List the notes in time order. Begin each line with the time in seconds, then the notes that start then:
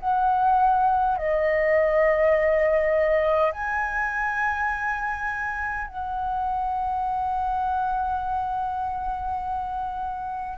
0.00 F#5
1.18 D#5
3.52 G#5
5.88 F#5